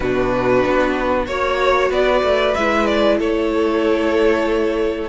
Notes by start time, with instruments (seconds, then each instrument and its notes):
0.00 cello B2, viola D4, violin F#4 B4
0.64 cello B3
1.26 cello A#3, viola F#4, violin C#5
1.89 cello B3, violin B4 D5
2.23 cello A3
2.54 cello G#3, viola E4, violin E5
2.86 violin D5
3.18 cello A3, violin A4 C#5